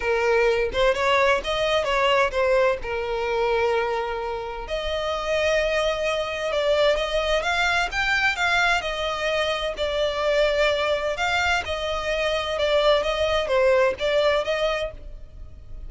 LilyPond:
\new Staff \with { instrumentName = "violin" } { \time 4/4 \tempo 4 = 129 ais'4. c''8 cis''4 dis''4 | cis''4 c''4 ais'2~ | ais'2 dis''2~ | dis''2 d''4 dis''4 |
f''4 g''4 f''4 dis''4~ | dis''4 d''2. | f''4 dis''2 d''4 | dis''4 c''4 d''4 dis''4 | }